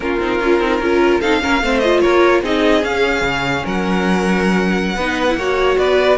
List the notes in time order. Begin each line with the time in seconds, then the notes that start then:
0.00 A#3 C#4 F4 A#4
0.19 C4 D#4
0.39 C#4 F4
0.59 C4 D#4
0.80 C#4 F4 A#4
1.20 C4 D#4 A4 F5
1.41 A#3 C#4 A#4
1.61 A3 C4 C5
1.79 F4 D#5
2.00 A#3 A#4 C#5
2.42 C4 D#4 G#4 D#5
2.82 C#4 F5
3.21 C#3
3.64 F#3 A#4 F#5
4.95 B3 D#4 B4
5.29 E4
5.35 A#3 F#4 C#5
5.78 B3 B4 D5